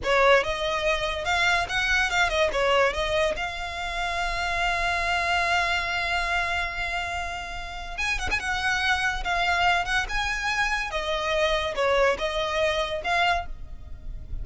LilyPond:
\new Staff \with { instrumentName = "violin" } { \time 4/4 \tempo 4 = 143 cis''4 dis''2 f''4 | fis''4 f''8 dis''8 cis''4 dis''4 | f''1~ | f''1~ |
f''2. gis''8 fis''16 gis''16 | fis''2 f''4. fis''8 | gis''2 dis''2 | cis''4 dis''2 f''4 | }